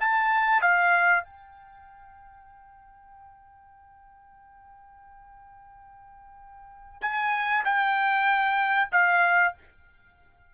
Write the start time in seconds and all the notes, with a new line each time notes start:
0.00 A5
0.61 F5
1.24 G5
7.01 G#5
7.64 G5
8.92 F5